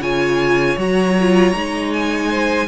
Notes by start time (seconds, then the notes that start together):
0.00 C#3 F4 C#5 G#5
0.77 F#3 F#4 A#5
1.21 F4
1.54 G#3 D#4
1.93 G#5
2.30 C5